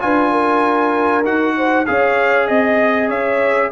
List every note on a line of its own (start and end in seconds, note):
0.00 1.24 D4
0.00 1.24 F4
0.00 0.32 B4
0.00 1.25 G#5
0.32 1.55 A#4
1.24 1.86 D#4
1.24 1.86 F#4
1.24 1.86 F#5
1.57 1.88 C5
1.86 2.49 C#4
1.86 3.72 G#4
1.86 2.48 C#5
1.86 2.48 F5
2.48 3.10 C4
2.48 3.10 D#5
2.48 3.09 D#5
3.09 3.72 C#4
3.09 3.71 C#5
3.09 3.72 E5